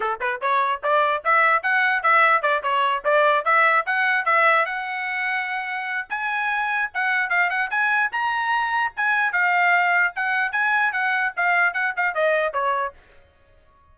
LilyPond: \new Staff \with { instrumentName = "trumpet" } { \time 4/4 \tempo 4 = 148 a'8 b'8 cis''4 d''4 e''4 | fis''4 e''4 d''8 cis''4 d''8~ | d''8 e''4 fis''4 e''4 fis''8~ | fis''2. gis''4~ |
gis''4 fis''4 f''8 fis''8 gis''4 | ais''2 gis''4 f''4~ | f''4 fis''4 gis''4 fis''4 | f''4 fis''8 f''8 dis''4 cis''4 | }